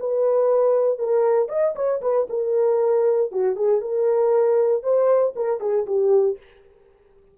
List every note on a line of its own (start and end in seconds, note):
0.00 0.99 B4
0.99 1.49 A#4
1.49 1.75 D#5
1.76 2.01 C#5
2.02 2.28 B4
2.30 3.32 A#4
3.32 3.56 F#4
3.56 3.81 G#4
3.81 4.83 A#4
4.83 5.34 C5
5.36 5.60 A#4
5.60 5.86 G#4
5.87 6.38 G4